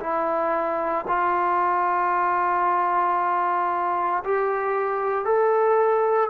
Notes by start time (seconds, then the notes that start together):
0.00 E4
1.08 F4
4.25 G4
5.25 A4